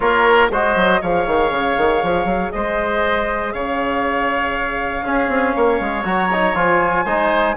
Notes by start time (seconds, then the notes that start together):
0.00 A#3 F4 A#4 C#5
0.51 G#3 F#4 C5 D#5
0.75 F#3
1.01 F3 G#4 C#5 F5
1.26 D#3
1.50 C#3
1.77 D#3
2.02 F3
2.25 F#3
2.51 G#3 C5 D#5
3.52 C#3 C#5 F5
5.02 C#4 G#4
5.28 C4
5.55 A#3 C#5
5.80 G#3
6.04 F#3 F#4 A#5
6.32 D#4
6.55 F3 F4 G#5
7.05 G#3 D#4 C5